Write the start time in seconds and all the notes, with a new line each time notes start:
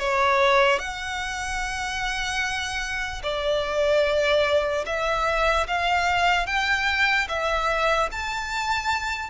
0.00 C#5
0.79 F#5
3.23 D5
4.86 E5
5.68 F5
6.47 G5
7.29 E5
8.12 A5